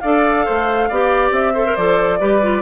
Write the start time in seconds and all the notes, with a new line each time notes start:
0.00 D4 A4 D5 F5
0.45 A3 C5
0.89 B3 G4 D5
1.31 C4 E5
1.54 A4 C5
1.66 A#4
1.76 F3 A4 D5
2.20 G3 G4 B4
2.42 F4